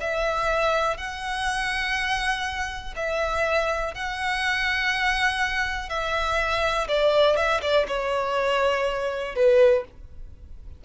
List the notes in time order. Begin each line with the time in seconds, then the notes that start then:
0.00 E5
0.97 F#5
2.96 E5
3.94 F#5
5.89 E5
6.88 D5
7.36 E5
7.61 D5
7.87 C#5
9.35 B4